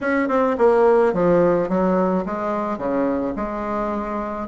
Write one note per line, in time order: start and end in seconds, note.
0.00 0.28 C#4
0.28 0.56 C4
0.58 1.13 A#3
1.13 1.68 F3
1.68 2.24 F#3
2.25 2.78 G#3
2.78 3.34 C#3
3.35 4.48 G#3